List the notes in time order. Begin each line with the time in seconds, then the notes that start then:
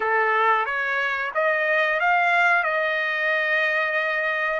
0.00 A4
0.65 C#5
1.34 D#5
2.00 F5
2.63 D#5